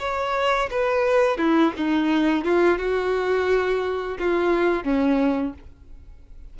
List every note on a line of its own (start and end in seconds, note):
0.00 0.70 C#5
0.71 1.38 B4
1.38 1.73 E4
1.77 2.45 D#4
2.45 2.79 F4
2.79 4.18 F#4
4.20 4.84 F4
4.84 5.54 C#4